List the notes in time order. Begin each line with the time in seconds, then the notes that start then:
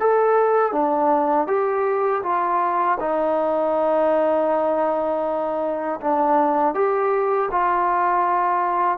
0.00 A4
0.72 D4
1.47 G4
2.23 F4
3.00 D#4
6.01 D4
6.74 G4
7.51 F4